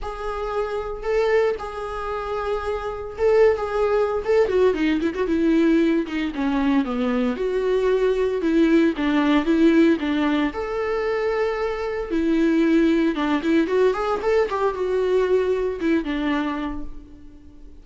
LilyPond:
\new Staff \with { instrumentName = "viola" } { \time 4/4 \tempo 4 = 114 gis'2 a'4 gis'4~ | gis'2 a'8. gis'4~ gis'16 | a'8 fis'8 dis'8 e'16 fis'16 e'4. dis'8 | cis'4 b4 fis'2 |
e'4 d'4 e'4 d'4 | a'2. e'4~ | e'4 d'8 e'8 fis'8 gis'8 a'8 g'8 | fis'2 e'8 d'4. | }